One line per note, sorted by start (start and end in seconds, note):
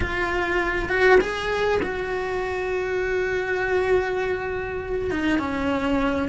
0.00 0.88 F4
0.88 1.18 F#4
1.20 1.80 G#4
1.82 5.11 F#4
5.11 5.38 D#4
5.38 6.28 C#4